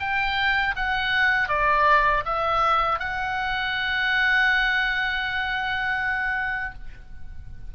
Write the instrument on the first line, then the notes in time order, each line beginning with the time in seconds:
oboe
0.00 G5
0.76 F#5
1.49 D5
2.25 E5
2.99 F#5